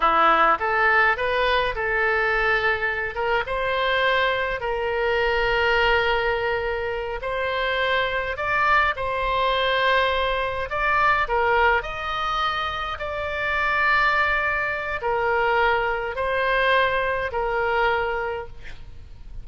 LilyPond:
\new Staff \with { instrumentName = "oboe" } { \time 4/4 \tempo 4 = 104 e'4 a'4 b'4 a'4~ | a'4. ais'8 c''2 | ais'1~ | ais'8 c''2 d''4 c''8~ |
c''2~ c''8 d''4 ais'8~ | ais'8 dis''2 d''4.~ | d''2 ais'2 | c''2 ais'2 | }